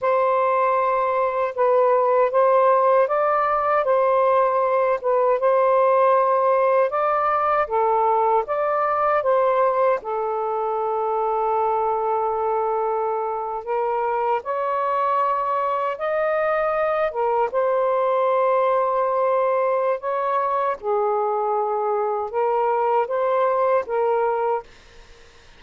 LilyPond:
\new Staff \with { instrumentName = "saxophone" } { \time 4/4 \tempo 4 = 78 c''2 b'4 c''4 | d''4 c''4. b'8 c''4~ | c''4 d''4 a'4 d''4 | c''4 a'2.~ |
a'4.~ a'16 ais'4 cis''4~ cis''16~ | cis''8. dis''4. ais'8 c''4~ c''16~ | c''2 cis''4 gis'4~ | gis'4 ais'4 c''4 ais'4 | }